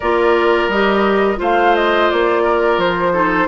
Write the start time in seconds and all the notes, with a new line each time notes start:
0.00 A#3 F4 A#4 D5
0.68 G3 G4 D#5
1.36 A3 F4 C5
1.42 F5
1.75 D#5
2.10 A#3 D5
2.42 A#4
2.77 F3 C5
3.12 D#4 A4